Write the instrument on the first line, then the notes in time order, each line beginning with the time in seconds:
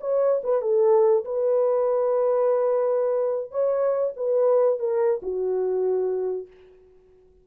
horn
0.00 C#5
0.43 B4
0.62 A4
1.25 B4
3.51 C#5
4.16 B4
4.79 A#4
5.22 F#4